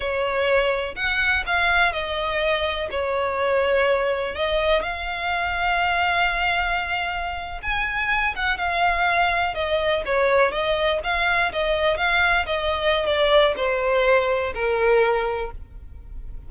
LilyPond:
\new Staff \with { instrumentName = "violin" } { \time 4/4 \tempo 4 = 124 cis''2 fis''4 f''4 | dis''2 cis''2~ | cis''4 dis''4 f''2~ | f''2.~ f''8. gis''16~ |
gis''4~ gis''16 fis''8 f''2 dis''16~ | dis''8. cis''4 dis''4 f''4 dis''16~ | dis''8. f''4 dis''4~ dis''16 d''4 | c''2 ais'2 | }